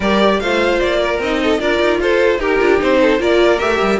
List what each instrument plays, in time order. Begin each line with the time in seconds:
0.00 cello G3, viola G4, violin A#4 D5
0.40 cello A3, viola F4, violin C5 F5
0.79 cello A#3, violin D5
0.99 violin A#4
1.19 cello C4, viola D#4, violin D#5
1.42 violin A4
1.59 cello D4, viola F4, violin A#4 D5
1.80 cello D#4
1.99 cello F4, violin A4 C5
2.38 cello D#4, violin G4 A#4, viola G4
2.59 cello D4, viola F4
2.78 cello C4, viola D#4, violin C5
3.01 violin A4
3.18 cello A#3, viola F4, violin A#4 D5
3.59 cello A3, viola G4, violin E5
3.81 cello G3